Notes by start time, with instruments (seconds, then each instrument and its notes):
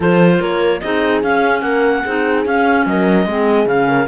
0.00 cello F3, clarinet F4 C5, horn A4
0.39 cello A#3, horn A#4, clarinet C#5
0.80 cello C4, clarinet D#4 D#5, horn G#4
1.23 cello C#4, clarinet C#4 F5
1.61 cello A#3, horn A#4, clarinet F#5
2.02 cello C4, clarinet D#4, horn G#4
2.45 cello C#4, clarinet C#4 F5
2.86 cello F#3, horn A#4, clarinet D#5
3.25 cello G#3, clarinet C4, horn G#4
3.65 cello C#3, clarinet C#4 F5
3.87 horn A#4